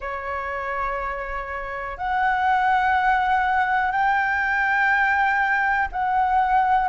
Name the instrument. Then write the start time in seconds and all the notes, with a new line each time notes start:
flute
0.00 C#5
1.97 F#5
3.91 G5
5.92 F#5